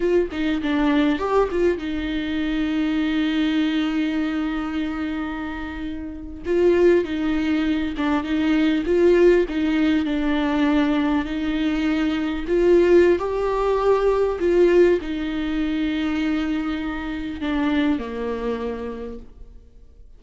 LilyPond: \new Staff \with { instrumentName = "viola" } { \time 4/4 \tempo 4 = 100 f'8 dis'8 d'4 g'8 f'8 dis'4~ | dis'1~ | dis'2~ dis'8. f'4 dis'16~ | dis'4~ dis'16 d'8 dis'4 f'4 dis'16~ |
dis'8. d'2 dis'4~ dis'16~ | dis'8. f'4~ f'16 g'2 | f'4 dis'2.~ | dis'4 d'4 ais2 | }